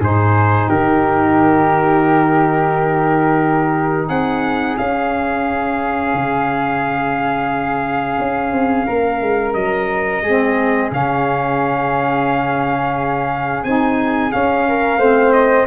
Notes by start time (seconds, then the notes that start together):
0.00 G#2 D#4 G#4 C5
0.68 D#3 G4 A#4
4.08 C4 G#4 F#5
4.78 C#4 F5
6.14 C#3
8.19 C#4
8.52 C4
8.86 A#3 A#4
9.22 G#3
9.54 F#3 D#5
10.22 G#3 C4 G#4
10.91 C#3 C#4 F5
13.64 C4 D#4 G#5
14.31 C#4 F5
14.68 A#4
14.98 A3 C4 C5
15.33 D#5